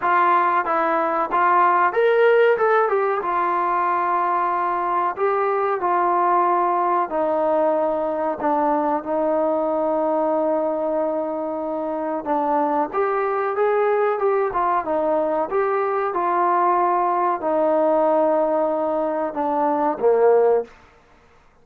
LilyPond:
\new Staff \with { instrumentName = "trombone" } { \time 4/4 \tempo 4 = 93 f'4 e'4 f'4 ais'4 | a'8 g'8 f'2. | g'4 f'2 dis'4~ | dis'4 d'4 dis'2~ |
dis'2. d'4 | g'4 gis'4 g'8 f'8 dis'4 | g'4 f'2 dis'4~ | dis'2 d'4 ais4 | }